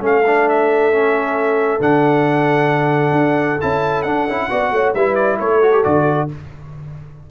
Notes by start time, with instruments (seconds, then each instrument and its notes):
0.00 tuba A3, trombone C#4, horn A4, trumpet F5
0.26 trombone D4
0.49 trumpet E5
0.92 trombone C#4
1.79 tuba D3, trombone D4, trumpet F#5
3.11 tuba D4
3.60 tuba C#4, trombone E4, trumpet A5
4.02 tuba D4, trombone D4, trumpet F#5
4.26 tuba C#4, trombone E4
4.49 tuba B3, trombone F#4, horn D5
4.71 tuba A3, horn C#5
4.94 tuba G3, trombone E4, horn B4, trumpet E5
5.15 trumpet D5
5.38 tuba A3, horn A4, trumpet C#5
5.62 trombone F#4
5.72 trombone G4
5.83 tuba D3, trombone F#4, trumpet D5